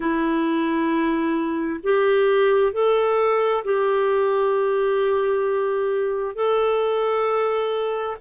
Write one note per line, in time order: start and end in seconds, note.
0.00 1.79 E4
1.83 2.73 G4
2.73 3.64 A4
3.64 6.35 G4
6.35 8.17 A4